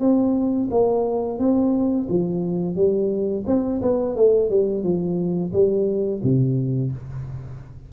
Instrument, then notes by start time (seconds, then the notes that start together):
tuba
0.00 C4
0.71 A#3
1.39 C4
2.09 F3
2.76 G3
3.47 C4
3.82 B3
4.16 A3
4.50 G3
4.83 F3
5.52 G3
6.23 C3